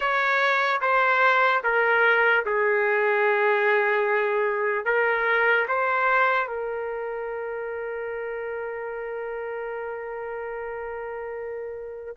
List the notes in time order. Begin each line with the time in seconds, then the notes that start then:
0.00 C#5
0.81 C5
1.63 A#4
2.45 G#4
4.85 A#4
5.68 C5
6.47 A#4